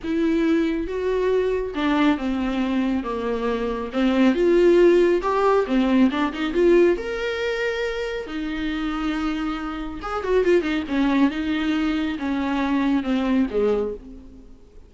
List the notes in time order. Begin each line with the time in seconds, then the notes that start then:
0.03 E4
0.87 F#4
1.74 D4
2.17 C4
3.03 A#3
3.92 C4
4.34 F4
5.22 G4
5.66 C4
6.10 D4
6.33 D#4
6.53 F4
6.97 A#4
8.26 D#4
10.02 G#4
10.23 F#4
10.44 F4
10.62 D#4
10.88 C#4
11.30 D#4
12.18 C#4
13.03 C4
13.50 G#3